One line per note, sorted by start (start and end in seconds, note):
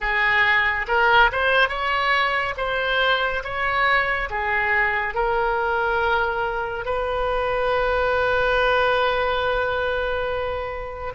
0.00 0.86 G#4
0.87 1.30 A#4
1.32 1.68 C5
1.68 2.54 C#5
2.57 3.43 C5
3.43 4.29 C#5
4.29 5.14 G#4
5.14 6.85 A#4
6.85 11.14 B4